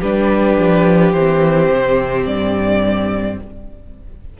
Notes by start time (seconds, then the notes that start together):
0.00 G3 D4 G4 B4
0.58 F3
1.12 E3 C4 C5
1.70 C3
2.25 G2 D5